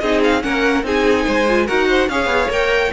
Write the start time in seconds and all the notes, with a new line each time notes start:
0.00 C4 D#4 G#4 D#5
0.24 F5
0.42 A#3 C#4 A#4 F#5
0.84 C4 D#4 G#4 G#5
1.26 G#3 C5
1.49 F4
1.66 D#4 F#4 A#4 F#5
1.89 C5
2.09 C#4 G#4 C#5 F5
2.27 B3
2.50 A#3 A#4 G5